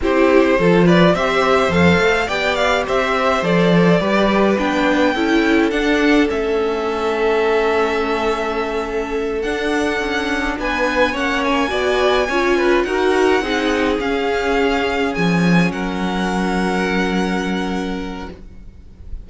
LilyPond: <<
  \new Staff \with { instrumentName = "violin" } { \time 4/4 \tempo 4 = 105 c''4. d''8 e''4 f''4 | g''8 f''8 e''4 d''2 | g''2 fis''4 e''4~ | e''1~ |
e''8 fis''2 gis''4 fis''8 | gis''2~ gis''8 fis''4.~ | fis''8 f''2 gis''4 fis''8~ | fis''1 | }
  \new Staff \with { instrumentName = "violin" } { \time 4/4 g'4 a'8 b'8 c''2 | d''4 c''2 b'4~ | b'4 a'2.~ | a'1~ |
a'2~ a'8 b'4 cis''8~ | cis''8 d''4 cis''8 b'8 ais'4 gis'8~ | gis'2.~ gis'8 ais'8~ | ais'1 | }
  \new Staff \with { instrumentName = "viola" } { \time 4/4 e'4 f'4 g'4 a'4 | g'2 a'4 g'4 | d'4 e'4 d'4 cis'4~ | cis'1~ |
cis'8 d'2. cis'8~ | cis'8 fis'4 f'4 fis'4 dis'8~ | dis'8 cis'2.~ cis'8~ | cis'1 | }
  \new Staff \with { instrumentName = "cello" } { \time 4/4 c'4 f4 c'4 f,8 a8 | b4 c'4 f4 g4 | b4 cis'4 d'4 a4~ | a1~ |
a8 d'4 cis'4 b4 ais8~ | ais8 b4 cis'4 dis'4 c'8~ | c'8 cis'2 f4 fis8~ | fis1 | }
>>